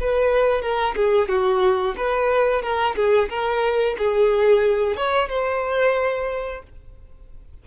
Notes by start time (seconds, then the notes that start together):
0.00 B4
0.62 A#4
0.96 G#4
1.28 F#4
1.97 B4
2.62 A#4
2.96 G#4
3.29 A#4
3.98 G#4
4.97 C#5
5.29 C5